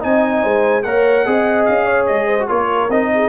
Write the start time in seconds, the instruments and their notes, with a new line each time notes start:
0.00 tuba C4, trombone D#4, horn D#5, trumpet G#5
0.42 tuba G#3, horn C5
0.83 tuba A#3, trombone A#4, horn C#5, trumpet F#5
1.26 tuba C4, trombone G#4, horn D#5
1.65 tuba C#4, trumpet F5
1.86 horn C#5
2.06 tuba G#3, trumpet D#5
2.27 horn C5
2.39 trombone F#4
2.48 tuba A#3, trombone F4, horn A#4, trumpet C#5
2.89 tuba C4, trombone D#4, trumpet D#5
3.14 horn G#4